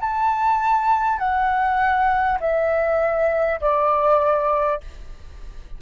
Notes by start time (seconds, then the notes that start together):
0.00 A5
1.18 F#5
2.40 E5
3.61 D5